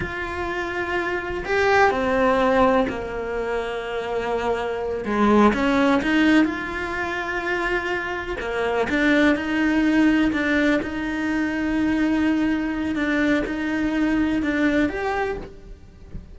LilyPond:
\new Staff \with { instrumentName = "cello" } { \time 4/4 \tempo 4 = 125 f'2. g'4 | c'2 ais2~ | ais2~ ais8 gis4 cis'8~ | cis'8 dis'4 f'2~ f'8~ |
f'4. ais4 d'4 dis'8~ | dis'4. d'4 dis'4.~ | dis'2. d'4 | dis'2 d'4 g'4 | }